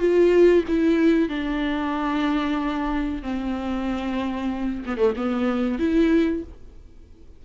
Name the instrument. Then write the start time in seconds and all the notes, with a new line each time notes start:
viola
0.00 F4
0.69 E4
1.29 D4
3.23 C4
4.87 B3
4.98 A3
5.17 B3
5.79 E4